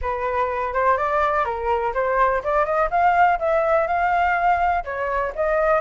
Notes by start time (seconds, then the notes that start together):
0.01 B4
0.73 C5
0.97 D5
1.44 A#4
1.94 C5
2.43 D5
2.65 D#5
2.90 F5
3.39 E5
3.87 F5
4.84 C#5
5.35 D#5